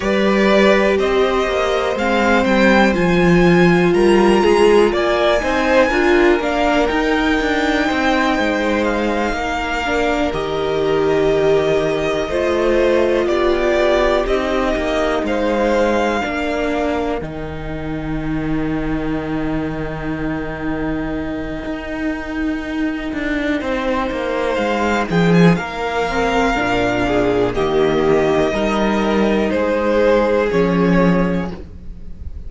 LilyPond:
<<
  \new Staff \with { instrumentName = "violin" } { \time 4/4 \tempo 4 = 61 d''4 dis''4 f''8 g''8 gis''4 | ais''4 gis''4. f''8 g''4~ | g''4 f''4. dis''4.~ | dis''4. d''4 dis''4 f''8~ |
f''4. g''2~ g''8~ | g''1~ | g''4 f''8 g''16 gis''16 f''2 | dis''2 c''4 cis''4 | }
  \new Staff \with { instrumentName = "violin" } { \time 4/4 b'4 c''2. | ais'8 gis'8 d''8 c''8 ais'2 | c''4. ais'2~ ais'8~ | ais'8 c''4 g'2 c''8~ |
c''8 ais'2.~ ais'8~ | ais'1 | c''4. gis'8 ais'4. gis'8 | g'4 ais'4 gis'2 | }
  \new Staff \with { instrumentName = "viola" } { \time 4/4 g'2 c'4 f'4~ | f'4. dis'8 f'8 d'8 dis'4~ | dis'2 d'8 g'4.~ | g'8 f'2 dis'4.~ |
dis'8 d'4 dis'2~ dis'8~ | dis'1~ | dis'2~ dis'8 c'8 d'4 | ais4 dis'2 cis'4 | }
  \new Staff \with { instrumentName = "cello" } { \time 4/4 g4 c'8 ais8 gis8 g8 f4 | g8 gis8 ais8 c'8 d'8 ais8 dis'8 d'8 | c'8 gis4 ais4 dis4.~ | dis8 a4 b4 c'8 ais8 gis8~ |
gis8 ais4 dis2~ dis8~ | dis2 dis'4. d'8 | c'8 ais8 gis8 f8 ais4 ais,4 | dis4 g4 gis4 f4 | }
>>